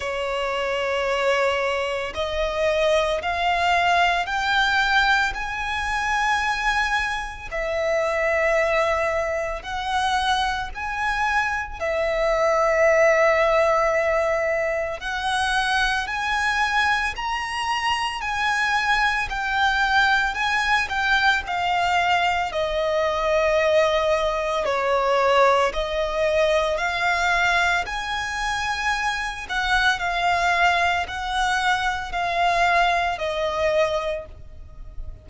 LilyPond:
\new Staff \with { instrumentName = "violin" } { \time 4/4 \tempo 4 = 56 cis''2 dis''4 f''4 | g''4 gis''2 e''4~ | e''4 fis''4 gis''4 e''4~ | e''2 fis''4 gis''4 |
ais''4 gis''4 g''4 gis''8 g''8 | f''4 dis''2 cis''4 | dis''4 f''4 gis''4. fis''8 | f''4 fis''4 f''4 dis''4 | }